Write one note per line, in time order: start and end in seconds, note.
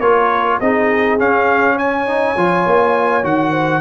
0.00 0.59 A#3
0.00 0.62 F4
0.00 0.59 A#4
0.00 0.59 C#5
0.59 1.20 C4
0.59 1.19 D#4
0.59 1.75 G#4
0.59 1.19 D#5
1.19 2.07 C#4
1.19 2.37 C#4
1.19 1.78 F5
1.75 3.51 C#5
1.75 3.25 G#5
2.07 2.36 D#4
2.37 2.66 F3
2.37 3.23 F4
2.67 3.24 A#3
3.23 3.81 D#3
3.23 3.81 F#4
3.23 3.81 F#5
3.51 3.81 C5